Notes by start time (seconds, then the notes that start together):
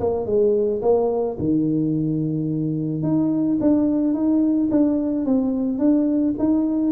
0.00 A#3
0.26 G#3
0.82 A#3
1.39 D#3
3.03 D#4
3.61 D4
4.14 D#4
4.71 D4
5.26 C4
5.79 D4
6.39 D#4